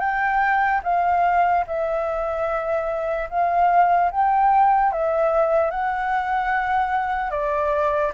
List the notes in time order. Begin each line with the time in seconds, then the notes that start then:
0.00 G5
0.83 F5
1.67 E5
3.29 F5
4.11 G5
4.92 E5
5.71 F#5
7.31 D5